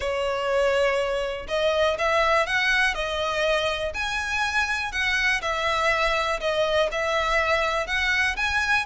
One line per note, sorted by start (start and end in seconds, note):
0.00 1.46 C#5
1.48 1.97 D#5
1.98 2.46 E5
2.46 2.94 F#5
2.94 3.92 D#5
3.94 4.92 G#5
4.92 5.41 F#5
5.41 6.40 E5
6.40 6.89 D#5
6.91 7.86 E5
7.86 8.36 F#5
8.36 8.85 G#5